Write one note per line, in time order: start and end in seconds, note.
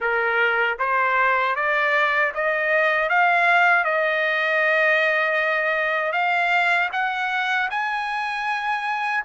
0.00 0.77 A#4
0.78 1.55 C5
1.55 2.32 D5
2.34 3.09 D#5
3.09 3.84 F5
3.84 6.12 D#5
6.12 6.89 F5
6.92 7.69 F#5
7.70 9.24 G#5